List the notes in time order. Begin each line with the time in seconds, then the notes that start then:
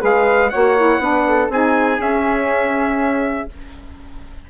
0.00 G#3 G#4 B4 F5
0.50 A#3 F#4 C#5 F#5
0.77 E4
0.98 B3 D4 B4
1.28 A4
1.50 C4 D#4 G#4 G#5
1.99 C#4 E5